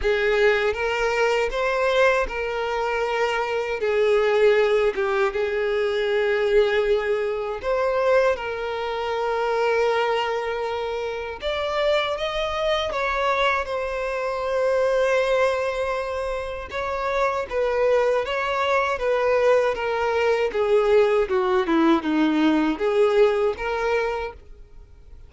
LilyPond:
\new Staff \with { instrumentName = "violin" } { \time 4/4 \tempo 4 = 79 gis'4 ais'4 c''4 ais'4~ | ais'4 gis'4. g'8 gis'4~ | gis'2 c''4 ais'4~ | ais'2. d''4 |
dis''4 cis''4 c''2~ | c''2 cis''4 b'4 | cis''4 b'4 ais'4 gis'4 | fis'8 e'8 dis'4 gis'4 ais'4 | }